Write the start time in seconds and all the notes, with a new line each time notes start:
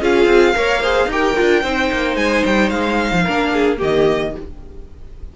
0.00 C#4 F4 G#4 F5
0.26 C4
0.54 A#3 A#4 C#5
0.81 G#4 C5
1.05 D#4 G4
1.12 A#4 G5
1.36 D4 F4
1.62 C4 D#4 C5
1.92 A#3
2.16 G#3 G#5
2.45 G3 G5
2.69 G#3 F5
3.12 F3
3.22 A#3 D4 A#4
3.53 G#4
3.77 D#3 A#3 G4 D#5